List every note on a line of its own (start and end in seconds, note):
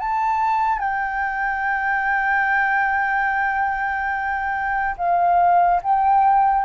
0.00 0.79 A5
0.79 4.96 G5
4.98 5.81 F5
5.83 6.66 G5